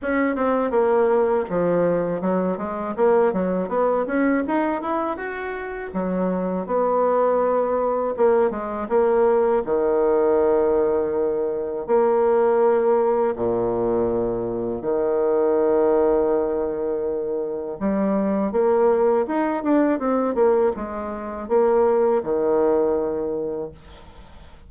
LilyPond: \new Staff \with { instrumentName = "bassoon" } { \time 4/4 \tempo 4 = 81 cis'8 c'8 ais4 f4 fis8 gis8 | ais8 fis8 b8 cis'8 dis'8 e'8 fis'4 | fis4 b2 ais8 gis8 | ais4 dis2. |
ais2 ais,2 | dis1 | g4 ais4 dis'8 d'8 c'8 ais8 | gis4 ais4 dis2 | }